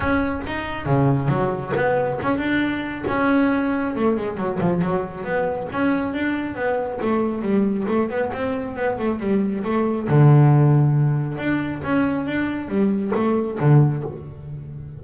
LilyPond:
\new Staff \with { instrumentName = "double bass" } { \time 4/4 \tempo 4 = 137 cis'4 dis'4 cis4 fis4 | b4 cis'8 d'4. cis'4~ | cis'4 a8 gis8 fis8 f8 fis4 | b4 cis'4 d'4 b4 |
a4 g4 a8 b8 c'4 | b8 a8 g4 a4 d4~ | d2 d'4 cis'4 | d'4 g4 a4 d4 | }